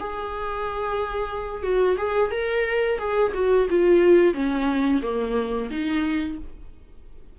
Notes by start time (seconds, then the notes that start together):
0.00 G#4
1.63 F#4
1.98 G#4
2.31 A#4
2.99 G#4
3.35 F#4
3.70 F4
4.34 C#4
5.03 A#3
5.71 D#4